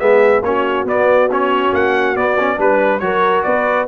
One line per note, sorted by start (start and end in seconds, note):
0.00 0.42 G#3
0.00 0.43 B3
0.00 0.44 G#4
0.00 0.43 E5
0.42 0.85 A#3
0.42 0.87 C#4
0.42 2.59 F#4
0.42 0.87 C#5
0.85 1.71 B3
0.85 1.30 B3
0.85 1.32 D5
1.31 2.17 C#4
1.31 1.75 C#5
1.73 2.16 A#3
1.73 2.17 F#5
2.16 2.59 B3
2.16 2.38 B3
2.16 2.60 D5
2.40 2.58 C#4
2.58 3.01 G3
2.58 3.01 D4
2.58 3.02 B4
2.58 3.00 B4
3.00 3.44 F#3
3.00 3.88 F#4
3.00 3.46 A#4
3.00 3.43 C#5
3.44 3.88 B3
3.44 3.88 B4
3.44 3.87 D5